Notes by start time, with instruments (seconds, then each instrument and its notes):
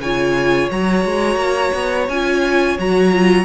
0.00 cello C#3, viola F4, violin C#5 G#5
0.71 cello F#3, viola F#4, violin A#5
1.05 cello G#3
1.36 cello A#3
1.75 cello B3
2.09 cello C#4, viola F4, violin G#5
2.79 cello F#3, viola F#4, violin A#5
3.12 viola F4